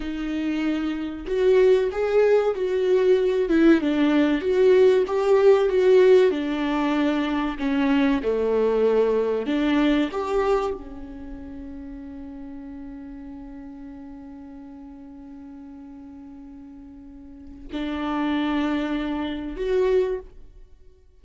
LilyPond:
\new Staff \with { instrumentName = "viola" } { \time 4/4 \tempo 4 = 95 dis'2 fis'4 gis'4 | fis'4. e'8 d'4 fis'4 | g'4 fis'4 d'2 | cis'4 a2 d'4 |
g'4 cis'2.~ | cis'1~ | cis'1 | d'2. fis'4 | }